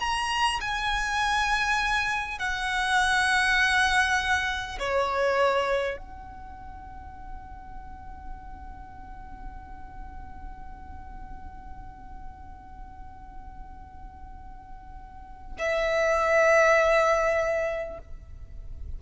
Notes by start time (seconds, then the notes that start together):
0.00 A#5
0.61 G#5
2.38 F#5
4.79 C#5
5.97 F#5
15.58 E5